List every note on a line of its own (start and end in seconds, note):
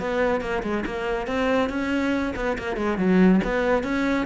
0.00 0.42 B3
0.42 0.63 A#3
0.64 0.85 G#3
0.86 1.28 A#3
1.28 1.70 C4
1.70 2.34 C#4
2.36 2.58 B3
2.59 2.77 A#3
2.77 2.98 G#3
2.98 3.41 F#3
3.45 3.84 B3
3.84 4.27 C#4